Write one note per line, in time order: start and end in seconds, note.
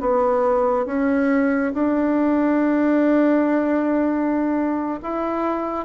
0.00 0.85 B3
0.85 1.72 C#4
1.74 5.00 D4
5.02 5.85 E4